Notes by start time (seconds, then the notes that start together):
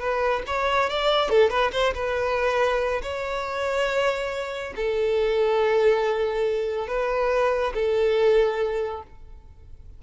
0.00 B4
0.47 C#5
0.90 D5
1.30 A4
1.50 B4
1.72 C5
1.95 B4
3.03 C#5
4.76 A4
6.88 B4
7.75 A4